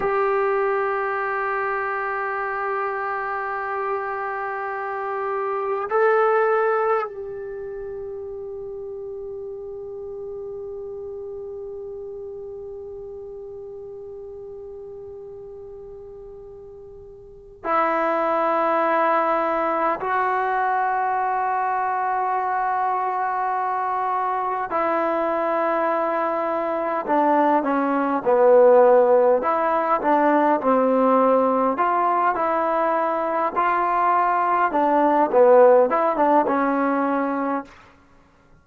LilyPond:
\new Staff \with { instrumentName = "trombone" } { \time 4/4 \tempo 4 = 51 g'1~ | g'4 a'4 g'2~ | g'1~ | g'2. e'4~ |
e'4 fis'2.~ | fis'4 e'2 d'8 cis'8 | b4 e'8 d'8 c'4 f'8 e'8~ | e'8 f'4 d'8 b8 e'16 d'16 cis'4 | }